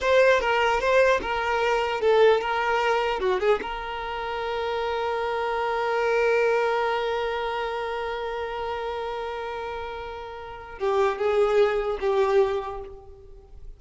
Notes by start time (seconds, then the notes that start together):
0.00 C5
0.40 A#4
0.80 C5
1.21 A#4
2.00 A4
2.40 A#4
3.19 F#4
3.40 G#4
3.61 A#4
10.78 G4
11.17 G#4
12.00 G4